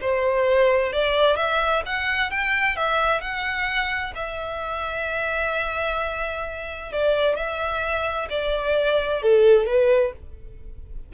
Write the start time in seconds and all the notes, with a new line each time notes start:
0.00 C5
0.92 D5
1.36 E5
1.85 F#5
2.30 G5
2.76 E5
3.21 F#5
4.15 E5
6.92 D5
7.36 E5
8.30 D5
9.22 A4
9.66 B4